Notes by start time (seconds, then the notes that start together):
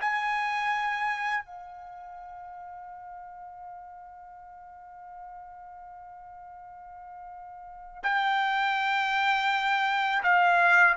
0.00 G#5
1.44 F5
8.03 G5
10.23 F5